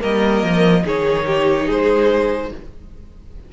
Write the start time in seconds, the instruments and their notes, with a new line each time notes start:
0.00 cello G3, viola A#3, violin A#4 D#5
0.43 cello F3
0.85 cello D#3, viola D#4, violin G#4 C#5
1.27 violin G4
1.66 cello G#3, violin G#4 C5